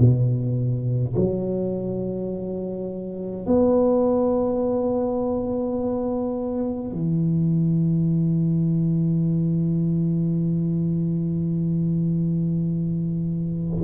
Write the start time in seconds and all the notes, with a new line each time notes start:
0.00 B2
1.16 F#3
3.47 B3
6.93 E3